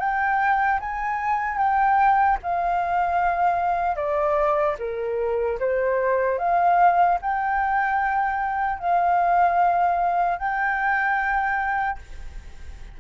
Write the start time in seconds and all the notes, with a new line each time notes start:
0.00 G5
0.80 G#5
1.58 G5
2.43 F5
3.96 D5
4.79 A#4
5.60 C5
6.39 F5
7.22 G5
8.80 F5
10.39 G5